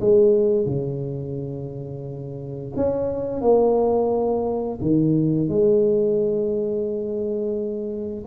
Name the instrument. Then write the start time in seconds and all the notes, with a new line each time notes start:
tuba
0.00 G#3
0.65 C#3
2.76 C#4
3.41 A#3
4.81 D#3
5.49 G#3